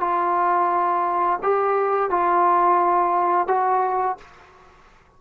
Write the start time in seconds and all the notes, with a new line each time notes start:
0.00 F4
1.42 G4
2.10 F4
3.48 F#4